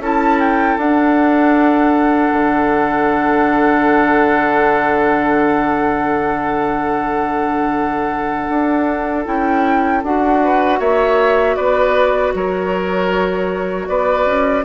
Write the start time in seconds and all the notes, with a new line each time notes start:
0.00 C#4 E4 A4 A5
0.40 G5
0.77 D4 F#5
2.33 D3
8.49 D4
9.26 C#4 E4 G5
10.03 D4 F#4 F#5
10.44 B4
10.80 A#3 C#5 E5
11.56 B3 B4 D5
12.34 F#3 A#4 C#5
13.87 B3 B4 D5
14.26 C#4